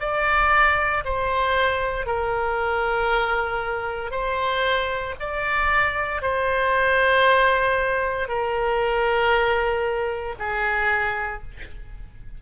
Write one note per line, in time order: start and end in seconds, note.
0.00 1.03 D5
1.04 2.05 C5
2.05 4.11 A#4
4.11 5.14 C5
5.20 6.21 D5
6.21 8.28 C5
8.28 10.34 A#4
10.38 11.42 G#4